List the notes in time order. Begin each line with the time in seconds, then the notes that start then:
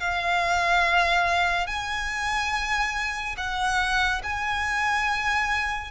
0.00 F5
1.67 G#5
3.37 F#5
4.23 G#5